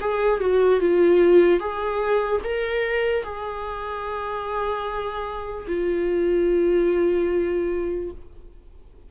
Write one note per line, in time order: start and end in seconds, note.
0.00 0.40 G#4
0.40 0.80 F#4
0.80 1.60 F4
1.60 2.41 G#4
2.44 3.24 A#4
3.24 5.67 G#4
5.68 8.11 F4